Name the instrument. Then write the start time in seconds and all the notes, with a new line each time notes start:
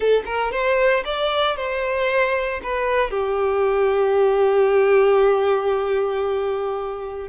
violin
0.00 A4
0.25 A#4
0.51 C5
1.04 D5
1.56 C5
2.63 B4
3.10 G4